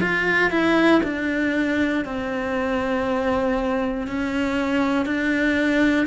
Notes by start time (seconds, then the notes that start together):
0.00 F4
0.50 E4
1.03 D4
2.04 C4
4.07 C#4
5.05 D4